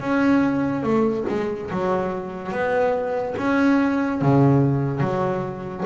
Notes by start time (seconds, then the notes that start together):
0.00 C#4
0.83 A3
1.28 G#3
1.71 F#3
2.52 B3
3.38 C#4
4.21 C#3
5.00 F#3